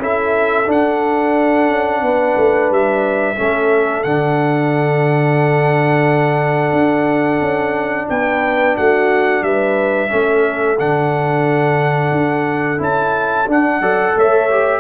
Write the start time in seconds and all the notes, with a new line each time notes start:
0.00 C#4 E4 A4 E5
0.66 D4 F#5
1.69 C#4
2.03 B3 B4
2.38 A3
2.71 G3 E5
3.37 A3 C#4 A4
4.04 D3 D4 F#5
6.73 D4
7.41 C#4
8.10 B3 B4 G5
8.77 A3 F#4 F#5
9.43 G3 B4 E5
10.10 A3 C#4 A4
10.80 D3 D4 F#5
12.12 D4
12.78 C#4 E4 A5
13.48 D4 F#5
13.81 F#3 A4 D5
14.17 A3 C#5 E5
14.50 G4